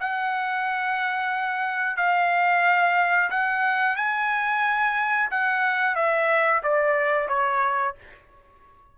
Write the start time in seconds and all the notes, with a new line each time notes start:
0.00 F#5
1.97 F5
3.30 F#5
3.97 G#5
5.31 F#5
5.95 E5
6.63 D5
7.29 C#5